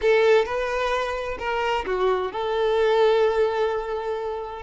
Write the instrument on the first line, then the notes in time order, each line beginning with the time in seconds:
violin
0.01 A4
0.45 B4
1.38 A#4
1.86 F#4
2.31 A4